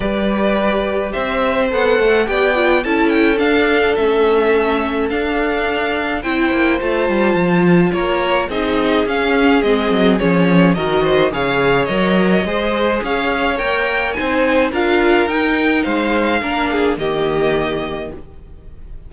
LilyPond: <<
  \new Staff \with { instrumentName = "violin" } { \time 4/4 \tempo 4 = 106 d''2 e''4 fis''4 | g''4 a''8 g''8 f''4 e''4~ | e''4 f''2 g''4 | a''2 cis''4 dis''4 |
f''4 dis''4 cis''4 dis''4 | f''4 dis''2 f''4 | g''4 gis''4 f''4 g''4 | f''2 dis''2 | }
  \new Staff \with { instrumentName = "violin" } { \time 4/4 b'2 c''2 | d''4 a'2.~ | a'2. c''4~ | c''2 ais'4 gis'4~ |
gis'2. ais'8 c''8 | cis''2 c''4 cis''4~ | cis''4 c''4 ais'2 | c''4 ais'8 gis'8 g'2 | }
  \new Staff \with { instrumentName = "viola" } { \time 4/4 g'2. a'4 | g'8 f'8 e'4 d'4 cis'4~ | cis'4 d'2 e'4 | f'2. dis'4 |
cis'4 c'4 cis'4 fis'4 | gis'4 ais'4 gis'2 | ais'4 dis'4 f'4 dis'4~ | dis'4 d'4 ais2 | }
  \new Staff \with { instrumentName = "cello" } { \time 4/4 g2 c'4 b8 a8 | b4 cis'4 d'4 a4~ | a4 d'2 c'8 ais8 | a8 g8 f4 ais4 c'4 |
cis'4 gis8 fis8 f4 dis4 | cis4 fis4 gis4 cis'4 | ais4 c'4 d'4 dis'4 | gis4 ais4 dis2 | }
>>